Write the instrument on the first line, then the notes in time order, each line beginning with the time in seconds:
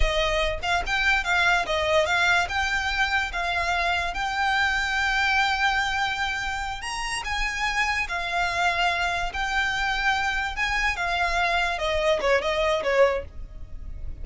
violin
0.00 D#5
0.62 F5
0.86 G5
1.24 F5
1.66 D#5
2.06 F5
2.48 G5
3.32 F5
4.14 G5
6.81 A#5
7.24 G#5
8.08 F5
9.33 G5
10.56 G#5
10.96 F5
11.78 D#5
12.21 C#5
12.41 D#5
12.83 C#5